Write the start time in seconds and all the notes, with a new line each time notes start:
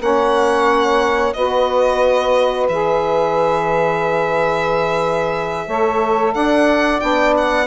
0.00 A#3 C#4 C#5 F#5
1.34 B3 F#4 B4 D#5
2.69 E3 G#4 E5
5.67 A3 A4 C#5
6.34 D4 D5 F#5
7.00 B3 D4 G5
7.37 F#5